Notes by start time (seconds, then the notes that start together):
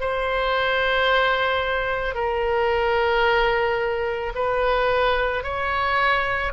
0.00 C5
2.14 A#4
4.35 B4
5.43 C#5